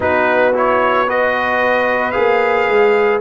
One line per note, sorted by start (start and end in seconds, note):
0.00 2.14 B3
0.00 0.53 D#4
0.00 1.07 F#4
0.00 0.54 B4
0.53 1.07 E4
0.53 1.09 C#5
1.07 2.12 F#4
1.07 3.21 B4
1.07 2.11 D#5
2.11 2.68 A#3
2.11 3.20 G#4
2.11 3.18 F5
2.68 3.21 G#3